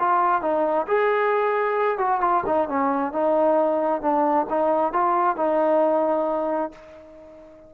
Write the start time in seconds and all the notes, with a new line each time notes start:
0.00 F4
0.42 D#4
0.88 G#4
1.98 F#4
2.21 F4
2.47 D#4
2.69 C#4
3.13 D#4
4.02 D4
4.50 D#4
4.93 F4
5.37 D#4